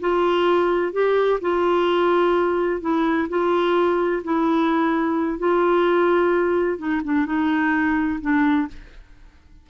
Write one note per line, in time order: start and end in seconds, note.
0.00 0.93 F4
0.93 1.40 G4
1.41 2.81 F4
2.81 3.28 E4
3.29 4.23 F4
4.24 5.38 E4
5.38 6.78 F4
6.78 7.01 D#4
7.04 7.26 D4
7.26 8.19 D#4
8.21 8.68 D4